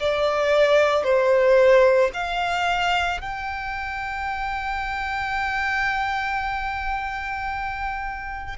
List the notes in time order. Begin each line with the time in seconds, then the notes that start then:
0.00 D5
1.04 C5
2.14 F5
3.21 G5